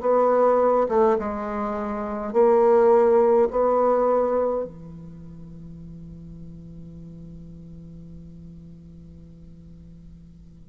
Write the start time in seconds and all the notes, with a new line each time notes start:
0.00 B3
0.88 A3
1.18 G#3
2.32 A#3
3.50 B3
4.64 E3